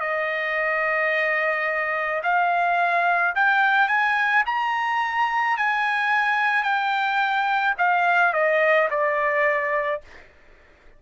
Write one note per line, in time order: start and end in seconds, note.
0.00 2.22 D#5
2.23 3.34 F5
3.35 3.88 G5
3.88 4.43 G#5
4.46 5.57 A#5
5.57 6.64 G#5
6.64 7.75 G5
7.78 8.33 F5
8.33 8.89 D#5
8.90 10.02 D5